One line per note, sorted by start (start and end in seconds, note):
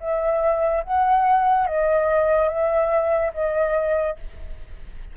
0.00 0.83 E5
0.83 1.67 F#5
1.67 2.49 D#5
2.49 3.32 E5
3.33 4.17 D#5